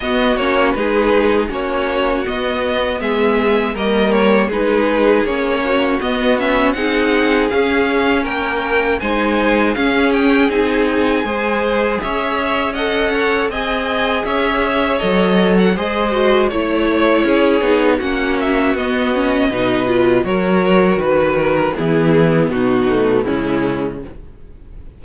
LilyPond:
<<
  \new Staff \with { instrumentName = "violin" } { \time 4/4 \tempo 4 = 80 dis''8 cis''8 b'4 cis''4 dis''4 | e''4 dis''8 cis''8 b'4 cis''4 | dis''8 e''8 fis''4 f''4 g''4 | gis''4 f''8 g''8 gis''2 |
e''4 fis''4 gis''4 e''4 | dis''8. fis''16 dis''4 cis''2 | fis''8 e''8 dis''2 cis''4 | b'8 ais'8 gis'4 fis'4 e'4 | }
  \new Staff \with { instrumentName = "violin" } { \time 4/4 fis'4 gis'4 fis'2 | gis'4 ais'4 gis'4. fis'8~ | fis'4 gis'2 ais'4 | c''4 gis'2 c''4 |
cis''4 dis''8 cis''8 dis''4 cis''4~ | cis''4 c''4 cis''4 gis'4 | fis'2 b'4 ais'4 | b'4 e'4 dis'4 cis'4 | }
  \new Staff \with { instrumentName = "viola" } { \time 4/4 b8 cis'8 dis'4 cis'4 b4~ | b4 ais4 dis'4 cis'4 | b8 cis'8 dis'4 cis'2 | dis'4 cis'4 dis'4 gis'4~ |
gis'4 a'4 gis'2 | a'4 gis'8 fis'8 e'4. dis'8 | cis'4 b8 cis'8 dis'8 f'8 fis'4~ | fis'4 b4. a8 gis4 | }
  \new Staff \with { instrumentName = "cello" } { \time 4/4 b8 ais8 gis4 ais4 b4 | gis4 g4 gis4 ais4 | b4 c'4 cis'4 ais4 | gis4 cis'4 c'4 gis4 |
cis'2 c'4 cis'4 | fis4 gis4 a4 cis'8 b8 | ais4 b4 b,4 fis4 | dis4 e4 b,4 cis4 | }
>>